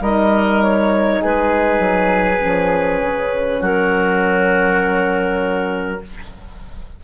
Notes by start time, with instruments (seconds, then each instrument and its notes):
0.00 bassoon G3, horn D#4, oboe A#4, clarinet D#5
0.62 clarinet C#5
1.21 bassoon G#3, oboe G#4, clarinet B4
1.79 bassoon F#3
2.40 bassoon F3, horn C#4
3.02 bassoon C#3
3.60 bassoon F#3, oboe F#4, clarinet A#4